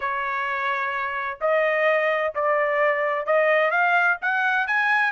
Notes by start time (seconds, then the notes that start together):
0.00 C#5
1.40 D#5
2.34 D5
3.26 D#5
3.71 F5
4.21 F#5
4.67 G#5